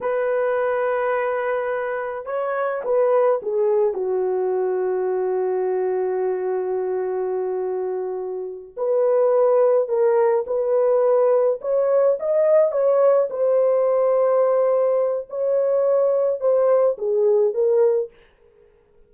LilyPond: \new Staff \with { instrumentName = "horn" } { \time 4/4 \tempo 4 = 106 b'1 | cis''4 b'4 gis'4 fis'4~ | fis'1~ | fis'2.~ fis'8 b'8~ |
b'4. ais'4 b'4.~ | b'8 cis''4 dis''4 cis''4 c''8~ | c''2. cis''4~ | cis''4 c''4 gis'4 ais'4 | }